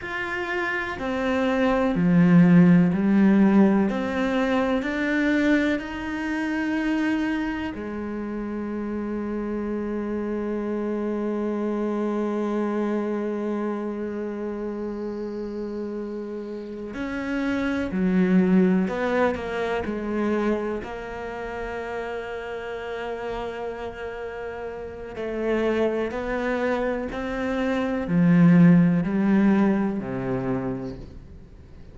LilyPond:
\new Staff \with { instrumentName = "cello" } { \time 4/4 \tempo 4 = 62 f'4 c'4 f4 g4 | c'4 d'4 dis'2 | gis1~ | gis1~ |
gis4. cis'4 fis4 b8 | ais8 gis4 ais2~ ais8~ | ais2 a4 b4 | c'4 f4 g4 c4 | }